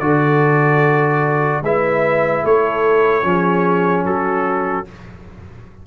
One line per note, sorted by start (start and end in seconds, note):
0.00 1.62 D3
0.00 1.63 F#4
0.00 1.63 A4
0.00 1.62 D5
1.62 2.43 G#3
1.62 3.23 E4
1.62 2.44 B4
1.62 2.45 E5
2.44 3.24 A3
2.44 3.25 A4
2.44 4.05 C#5
3.23 4.05 F3
3.23 4.85 C#4
3.23 4.05 G#4
4.05 4.86 F#3
4.05 4.86 F#4
4.05 4.86 A4